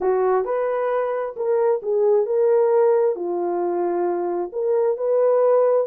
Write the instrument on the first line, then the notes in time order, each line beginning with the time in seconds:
horn
0.01 F#4
0.44 B4
1.36 A#4
1.82 G#4
2.26 A#4
3.15 F4
4.52 A#4
4.97 B4